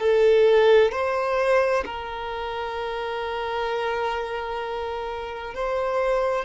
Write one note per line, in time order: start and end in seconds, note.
0.00 0.92 A4
0.92 1.84 C5
1.85 5.55 A#4
5.55 6.45 C5